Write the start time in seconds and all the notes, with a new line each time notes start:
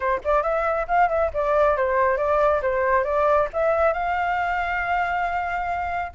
0.00 C5
0.24 D5
0.43 E5
0.87 F5
1.08 E5
1.33 D5
1.77 C5
2.17 D5
2.62 C5
3.04 D5
3.53 E5
3.93 F5